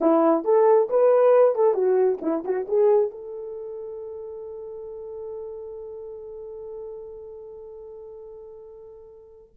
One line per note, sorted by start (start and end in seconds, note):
0.01 0.44 E4
0.44 0.88 A4
0.89 1.55 B4
1.55 1.74 A4
1.74 2.18 F#4
2.21 2.43 E4
2.44 2.66 F#4
2.67 3.10 G#4
3.10 9.55 A4